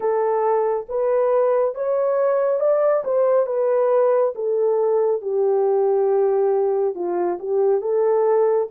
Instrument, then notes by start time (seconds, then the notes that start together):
horn
0.00 A4
0.89 B4
1.74 C#5
2.59 D5
3.04 C5
3.46 B4
4.35 A4
5.21 G4
6.94 F4
7.39 G4
7.81 A4